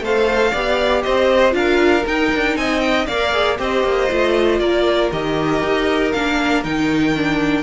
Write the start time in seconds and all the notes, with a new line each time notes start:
0.00 A3 A4 C5 F5
0.51 B3 G4 D5
1.02 C4 C5 D#5
1.51 D4 F4 A#4 F5
2.06 D#4 G5
2.34 D4
2.56 C4 D#5 G#5
2.80 G5
3.06 A#3 A#4 D5 F5
3.32 G#4
3.57 C4 G4 C5 D#5
3.83 A#3
4.10 A3 F4
4.59 A#3 A#4 D5
5.12 D#3 G4 D#5
5.62 D#4
6.12 A#3 D4 F5
6.63 D#3 D#4 G5
7.16 D4